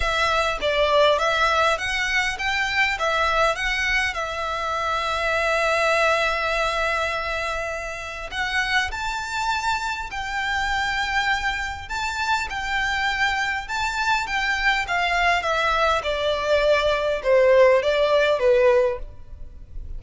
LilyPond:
\new Staff \with { instrumentName = "violin" } { \time 4/4 \tempo 4 = 101 e''4 d''4 e''4 fis''4 | g''4 e''4 fis''4 e''4~ | e''1~ | e''2 fis''4 a''4~ |
a''4 g''2. | a''4 g''2 a''4 | g''4 f''4 e''4 d''4~ | d''4 c''4 d''4 b'4 | }